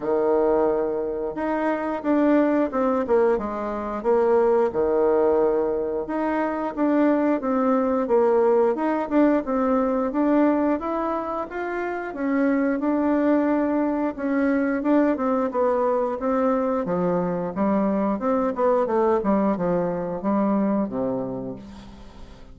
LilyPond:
\new Staff \with { instrumentName = "bassoon" } { \time 4/4 \tempo 4 = 89 dis2 dis'4 d'4 | c'8 ais8 gis4 ais4 dis4~ | dis4 dis'4 d'4 c'4 | ais4 dis'8 d'8 c'4 d'4 |
e'4 f'4 cis'4 d'4~ | d'4 cis'4 d'8 c'8 b4 | c'4 f4 g4 c'8 b8 | a8 g8 f4 g4 c4 | }